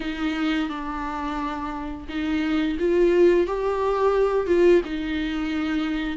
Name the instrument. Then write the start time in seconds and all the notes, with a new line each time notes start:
viola
0.00 D#4
0.69 D4
2.08 D#4
2.79 F4
3.47 G4
4.46 F4
4.84 D#4